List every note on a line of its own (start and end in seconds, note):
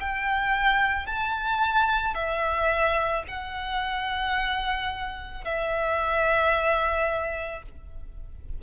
0.00 1.07 G5
1.07 2.15 A5
2.15 3.24 E5
3.28 5.44 F#5
5.44 7.63 E5